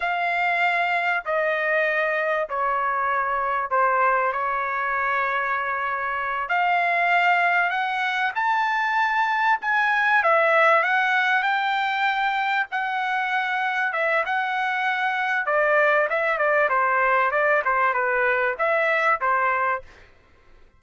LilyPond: \new Staff \with { instrumentName = "trumpet" } { \time 4/4 \tempo 4 = 97 f''2 dis''2 | cis''2 c''4 cis''4~ | cis''2~ cis''8 f''4.~ | f''8 fis''4 a''2 gis''8~ |
gis''8 e''4 fis''4 g''4.~ | g''8 fis''2 e''8 fis''4~ | fis''4 d''4 e''8 d''8 c''4 | d''8 c''8 b'4 e''4 c''4 | }